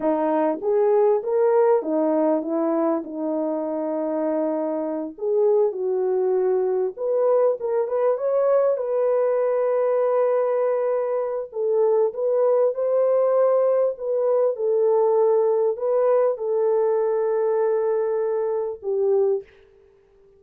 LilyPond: \new Staff \with { instrumentName = "horn" } { \time 4/4 \tempo 4 = 99 dis'4 gis'4 ais'4 dis'4 | e'4 dis'2.~ | dis'8 gis'4 fis'2 b'8~ | b'8 ais'8 b'8 cis''4 b'4.~ |
b'2. a'4 | b'4 c''2 b'4 | a'2 b'4 a'4~ | a'2. g'4 | }